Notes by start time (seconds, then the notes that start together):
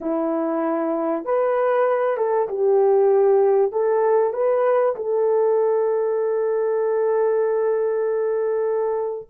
0.01 E4
1.24 B4
2.17 A4
2.48 G4
3.72 A4
4.33 B4
4.95 A4